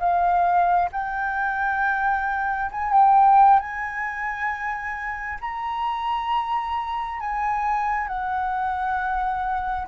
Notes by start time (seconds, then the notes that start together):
0.00 F5
0.92 G5
2.72 G#5
2.93 G5
3.60 G#5
5.41 A#5
7.20 G#5
8.08 F#5